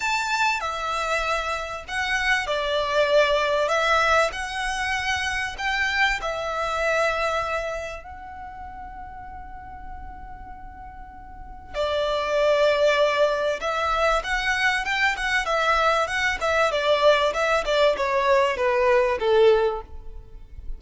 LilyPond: \new Staff \with { instrumentName = "violin" } { \time 4/4 \tempo 4 = 97 a''4 e''2 fis''4 | d''2 e''4 fis''4~ | fis''4 g''4 e''2~ | e''4 fis''2.~ |
fis''2. d''4~ | d''2 e''4 fis''4 | g''8 fis''8 e''4 fis''8 e''8 d''4 | e''8 d''8 cis''4 b'4 a'4 | }